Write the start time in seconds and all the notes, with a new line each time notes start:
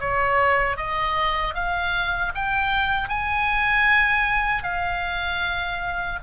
0.00 C#5
0.77 D#5
1.54 F5
2.35 G5
3.09 G#5
4.63 F5